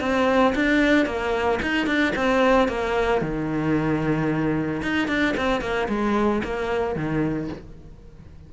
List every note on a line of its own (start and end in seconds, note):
0.00 0.54 C4
0.55 1.05 D4
1.05 1.59 A#3
1.62 1.86 D#4
1.86 2.13 D4
2.16 2.68 C4
2.68 3.21 A#3
3.21 4.81 D#3
4.82 5.07 D#4
5.07 5.34 D4
5.36 5.61 C4
5.61 5.88 A#3
5.88 6.42 G#3
6.44 6.95 A#3
6.95 7.48 D#3